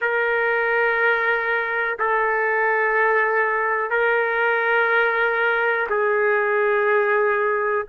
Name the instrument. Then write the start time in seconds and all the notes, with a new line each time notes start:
trumpet
0.01 A#4
1.99 A4
3.90 A#4
5.89 G#4